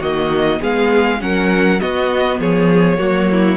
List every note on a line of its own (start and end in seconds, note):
0.00 0.60 D#3
0.00 0.60 A#3
0.00 0.59 F#4
0.00 0.62 D#5
0.60 1.22 G#3
0.60 1.20 B3
0.60 1.20 G#4
0.60 1.22 F5
1.20 1.81 F#3
1.20 1.80 C#4
1.20 1.81 A#4
1.20 1.80 F#5
1.80 2.98 B3
1.80 2.39 B3
1.80 2.40 F#4
1.80 2.40 D#5
2.39 2.99 F3
2.39 2.99 G#4
2.39 3.58 C#5
2.98 3.58 F#3
2.98 3.57 A#3
2.98 3.29 F#4
3.32 3.58 E4